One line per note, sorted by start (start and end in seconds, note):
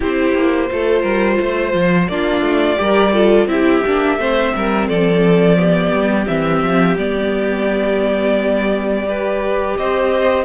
0.00 0.34 C4
0.00 0.69 E4
0.00 0.69 G4
0.00 2.07 C5
0.34 0.69 A#3
0.69 1.03 A3
0.69 2.08 F4
0.69 1.01 A4
1.01 1.38 G3
1.01 1.36 A#4
1.40 1.73 A3
1.40 2.10 C5
1.73 2.08 F3
2.07 2.41 A#3
2.07 2.76 D4
2.07 2.80 F4
2.07 3.47 D5
2.41 2.76 A3
2.76 3.45 G3
2.76 3.11 G4
2.76 3.13 A#4
3.13 3.48 F4
3.13 3.48 A4
3.45 3.80 C4
3.45 3.82 E4
3.45 4.19 G4
3.45 4.87 E5
3.85 4.17 A#3
3.85 4.18 D4
4.17 4.52 A3
4.17 5.56 C4
4.17 4.54 C5
4.55 4.89 G3
4.55 4.88 A#4
4.88 5.92 F3
4.88 5.58 A4
4.88 6.27 D5
5.56 6.26 B3
5.56 9.07 G4
5.92 6.26 G3
6.26 6.62 E3
6.26 6.96 C4
6.26 6.97 E5
6.62 6.96 F3
6.96 9.75 G3
6.96 9.06 B3
6.96 9.77 D5
9.06 10.44 G4
9.06 9.77 B4
9.77 10.44 C4
9.77 10.44 C5
9.77 10.44 D#5